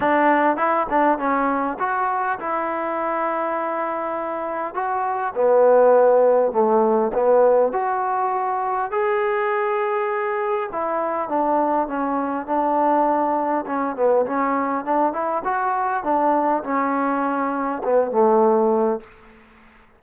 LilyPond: \new Staff \with { instrumentName = "trombone" } { \time 4/4 \tempo 4 = 101 d'4 e'8 d'8 cis'4 fis'4 | e'1 | fis'4 b2 a4 | b4 fis'2 gis'4~ |
gis'2 e'4 d'4 | cis'4 d'2 cis'8 b8 | cis'4 d'8 e'8 fis'4 d'4 | cis'2 b8 a4. | }